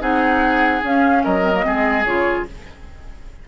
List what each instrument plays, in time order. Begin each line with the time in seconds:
0.00 bassoon C4, clarinet D#4, oboe G#4, flute F#5
0.83 bassoon C#4, clarinet C#4, flute F5
1.24 bassoon F#3, oboe A#4, flute D#5
1.41 clarinet C4
1.53 clarinet A#3
1.63 bassoon G#3, clarinet C4, oboe G#4
2.05 bassoon C#3, clarinet F4, flute C#5